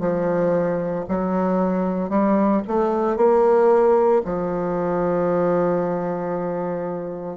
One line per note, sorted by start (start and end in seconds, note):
0.00 1.05 F3
1.09 2.10 F#3
2.10 2.62 G3
2.68 3.17 A3
3.17 4.22 A#3
4.25 7.37 F3